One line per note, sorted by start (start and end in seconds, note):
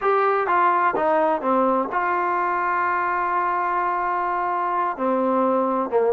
0.01 0.47 G4
0.47 0.94 F4
0.96 1.41 D#4
1.41 1.88 C4
1.92 4.97 F4
4.97 5.90 C4
5.90 6.13 A#3